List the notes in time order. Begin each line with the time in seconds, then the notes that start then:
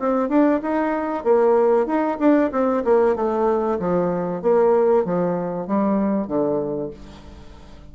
0.00 C4
0.29 D4
0.63 D#4
1.24 A#3
1.87 D#4
2.20 D4
2.52 C4
2.85 A#3
3.16 A3
3.80 F3
4.42 A#3
5.05 F3
5.68 G3
6.28 D3